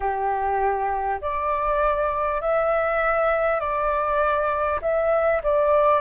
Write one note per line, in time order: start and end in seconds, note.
0.00 1.19 G4
1.21 2.41 D5
2.41 3.59 E5
3.59 4.79 D5
4.81 5.41 E5
5.43 6.01 D5